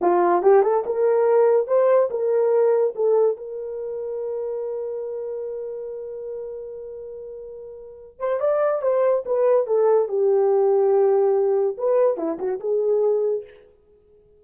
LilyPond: \new Staff \with { instrumentName = "horn" } { \time 4/4 \tempo 4 = 143 f'4 g'8 a'8 ais'2 | c''4 ais'2 a'4 | ais'1~ | ais'1~ |
ais'2.~ ais'8 c''8 | d''4 c''4 b'4 a'4 | g'1 | b'4 e'8 fis'8 gis'2 | }